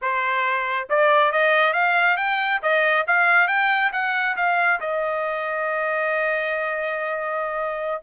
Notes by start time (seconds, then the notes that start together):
0.01 C5
0.89 D5
1.32 D#5
1.73 F5
2.17 G5
2.62 D#5
3.07 F5
3.47 G5
3.92 F#5
4.36 F5
4.80 D#5